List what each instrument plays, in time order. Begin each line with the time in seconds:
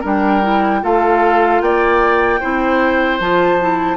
0.00 bassoon G3, clarinet D4, oboe A#4, flute G5
0.42 clarinet E4
0.81 bassoon A3, clarinet F4, oboe A4, flute F5
1.60 bassoon A#3, oboe D5, flute G5
2.40 bassoon C4, clarinet E4, oboe C5
3.19 bassoon F3, clarinet F4, flute A5
3.60 clarinet E4